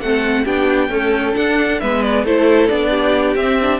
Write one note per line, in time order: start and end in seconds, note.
0.00 0.45 A3
0.00 0.46 C4
0.00 0.44 A4
0.00 0.45 F#5
0.44 0.90 B3
0.44 0.89 D4
0.44 0.89 G4
0.44 1.35 G5
0.89 1.33 A3
0.89 1.34 C#4
0.89 1.80 A4
1.33 1.78 D4
1.33 1.81 D4
1.33 1.79 F#5
1.80 2.23 G#3
1.80 2.26 B3
1.80 2.25 B4
1.80 2.02 E5
2.02 2.24 D5
2.23 2.68 A3
2.23 2.69 E4
2.23 2.90 A4
2.23 2.67 C5
2.67 3.35 B3
2.67 3.37 D4
2.67 3.34 D5
2.90 3.79 G4
3.35 3.79 C4
3.35 3.61 C4
3.35 3.79 E5
3.61 3.79 D4